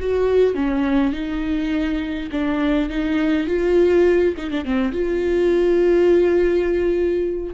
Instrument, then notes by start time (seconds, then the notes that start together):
viola
0.00 F#4
0.55 C#4
1.13 D#4
2.31 D4
2.89 D#4
3.47 F4
4.37 D#4
4.50 D4
4.65 C4
4.92 F4